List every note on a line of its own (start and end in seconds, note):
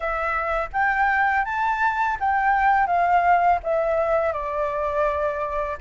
0.00 0.69 E5
0.72 1.45 G5
1.45 2.17 A5
2.20 2.87 G5
2.87 3.59 F5
3.63 4.32 E5
4.32 5.77 D5